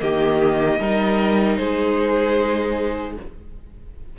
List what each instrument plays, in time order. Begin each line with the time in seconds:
0.00 cello D#3, viola A#3, violin G4 D#5
0.79 cello G3, viola D#4, violin A#4
1.57 cello G#3, violin G#4 C5